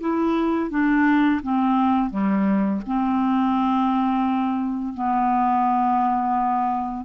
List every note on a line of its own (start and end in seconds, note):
0.00 0.70 E4
0.70 1.41 D4
1.42 2.10 C4
2.10 2.81 G3
2.86 4.93 C4
4.93 7.05 B3